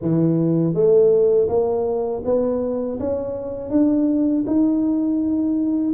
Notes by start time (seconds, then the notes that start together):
0.01 E3
0.73 A3
1.48 A#3
2.24 B3
2.99 C#4
3.70 D4
4.46 D#4